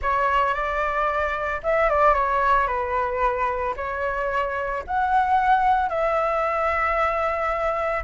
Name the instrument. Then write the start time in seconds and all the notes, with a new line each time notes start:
flute
0.01 C#5
0.54 D5
1.63 E5
1.89 D5
2.14 C#5
2.67 B4
3.76 C#5
4.86 F#5
5.89 E5